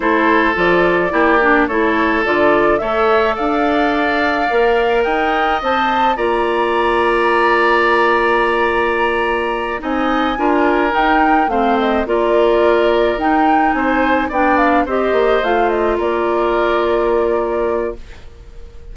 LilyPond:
<<
  \new Staff \with { instrumentName = "flute" } { \time 4/4 \tempo 4 = 107 c''4 d''2 cis''4 | d''4 e''4 f''2~ | f''4 g''4 a''4 ais''4~ | ais''1~ |
ais''4. gis''2 g''8~ | g''8 f''8 dis''8 d''2 g''8~ | g''8 gis''4 g''8 f''8 dis''4 f''8 | dis''8 d''2.~ d''8 | }
  \new Staff \with { instrumentName = "oboe" } { \time 4/4 a'2 g'4 a'4~ | a'4 cis''4 d''2~ | d''4 dis''2 d''4~ | d''1~ |
d''4. dis''4 ais'4.~ | ais'8 c''4 ais'2~ ais'8~ | ais'8 c''4 d''4 c''4.~ | c''8 ais'2.~ ais'8 | }
  \new Staff \with { instrumentName = "clarinet" } { \time 4/4 e'4 f'4 e'8 d'8 e'4 | f'4 a'2. | ais'2 c''4 f'4~ | f'1~ |
f'4. dis'4 f'4 dis'8~ | dis'8 c'4 f'2 dis'8~ | dis'4. d'4 g'4 f'8~ | f'1 | }
  \new Staff \with { instrumentName = "bassoon" } { \time 4/4 a4 f4 ais4 a4 | d4 a4 d'2 | ais4 dis'4 c'4 ais4~ | ais1~ |
ais4. c'4 d'4 dis'8~ | dis'8 a4 ais2 dis'8~ | dis'8 c'4 b4 c'8 ais8 a8~ | a8 ais2.~ ais8 | }
>>